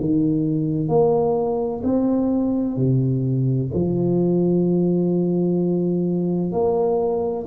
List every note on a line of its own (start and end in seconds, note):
0.00 0.88 D#3
0.88 1.82 A#3
1.84 2.77 C4
2.77 3.70 C3
3.74 6.52 F3
6.52 7.46 A#3